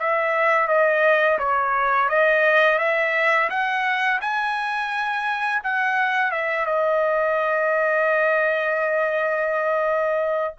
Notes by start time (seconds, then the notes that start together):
0.00 E5
0.68 D#5
1.39 C#5
2.10 D#5
2.79 E5
3.50 F#5
4.22 G#5
5.64 F#5
6.32 E5
6.66 D#5